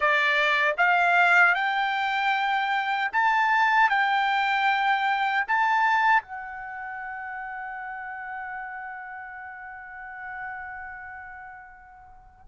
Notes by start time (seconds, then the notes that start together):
0.00 D5
0.77 F5
1.54 G5
3.12 A5
3.89 G5
5.47 A5
6.22 F#5